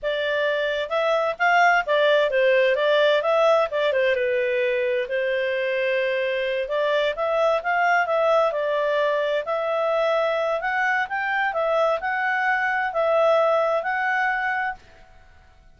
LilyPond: \new Staff \with { instrumentName = "clarinet" } { \time 4/4 \tempo 4 = 130 d''2 e''4 f''4 | d''4 c''4 d''4 e''4 | d''8 c''8 b'2 c''4~ | c''2~ c''8 d''4 e''8~ |
e''8 f''4 e''4 d''4.~ | d''8 e''2~ e''8 fis''4 | g''4 e''4 fis''2 | e''2 fis''2 | }